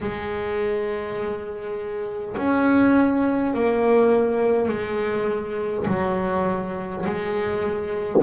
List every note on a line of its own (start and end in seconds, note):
0.01 2.36 G#3
2.36 3.53 C#4
3.53 4.68 A#3
4.68 5.86 G#3
5.87 7.05 F#3
7.06 8.22 G#3